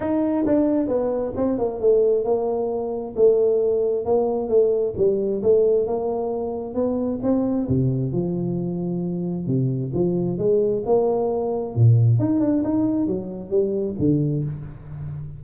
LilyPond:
\new Staff \with { instrumentName = "tuba" } { \time 4/4 \tempo 4 = 133 dis'4 d'4 b4 c'8 ais8 | a4 ais2 a4~ | a4 ais4 a4 g4 | a4 ais2 b4 |
c'4 c4 f2~ | f4 c4 f4 gis4 | ais2 ais,4 dis'8 d'8 | dis'4 fis4 g4 d4 | }